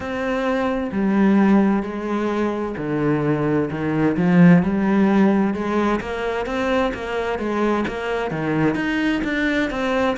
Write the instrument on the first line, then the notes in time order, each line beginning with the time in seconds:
cello
0.00 C4
0.91 G3
1.83 G#3
2.77 D3
3.70 D#3
4.17 F3
4.62 G3
5.53 G#3
6.00 A#3
6.46 C4
6.94 A#3
7.38 G#3
7.87 A#3
8.31 D#3
8.75 D#4
9.23 D4
9.70 C4